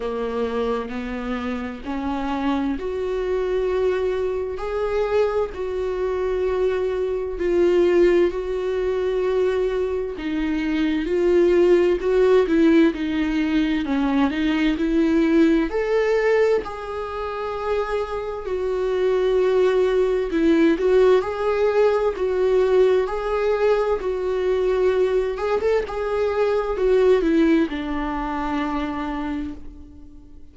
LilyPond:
\new Staff \with { instrumentName = "viola" } { \time 4/4 \tempo 4 = 65 ais4 b4 cis'4 fis'4~ | fis'4 gis'4 fis'2 | f'4 fis'2 dis'4 | f'4 fis'8 e'8 dis'4 cis'8 dis'8 |
e'4 a'4 gis'2 | fis'2 e'8 fis'8 gis'4 | fis'4 gis'4 fis'4. gis'16 a'16 | gis'4 fis'8 e'8 d'2 | }